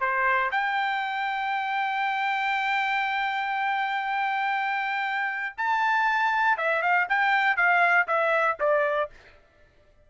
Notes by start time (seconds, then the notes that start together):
0.00 C5
0.51 G5
5.57 A5
6.57 E5
6.82 F5
7.08 G5
7.56 F5
8.07 E5
8.59 D5